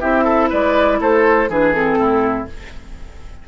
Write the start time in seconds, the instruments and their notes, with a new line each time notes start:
0.00 bassoon C4, clarinet E4, oboe G4, flute E5
0.24 oboe A4
0.49 bassoon G#3, oboe B4, flute D5
1.00 bassoon A3, oboe A4, flute C5
1.49 bassoon E3, clarinet D4, oboe G#4, flute B4
1.73 clarinet C4, flute A4
1.97 bassoon A2, oboe E4